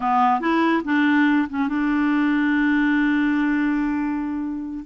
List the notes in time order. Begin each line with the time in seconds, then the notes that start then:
0.00 B3
0.40 E4
0.84 D4
1.49 C#4
1.68 D4